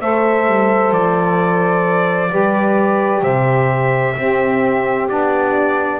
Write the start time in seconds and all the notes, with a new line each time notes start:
0.00 A3 A4 C5 E5
0.46 G3
0.91 F3 D5
2.29 G3 G4 B4
3.22 C3 C5 E5
4.16 C4 G4
5.08 B3 D4 D5